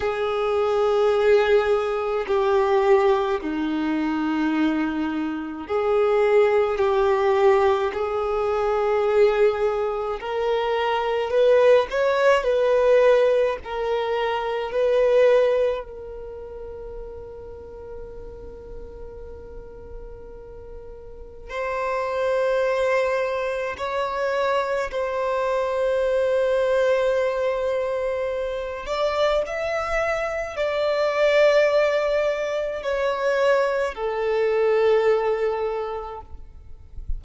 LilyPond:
\new Staff \with { instrumentName = "violin" } { \time 4/4 \tempo 4 = 53 gis'2 g'4 dis'4~ | dis'4 gis'4 g'4 gis'4~ | gis'4 ais'4 b'8 cis''8 b'4 | ais'4 b'4 ais'2~ |
ais'2. c''4~ | c''4 cis''4 c''2~ | c''4. d''8 e''4 d''4~ | d''4 cis''4 a'2 | }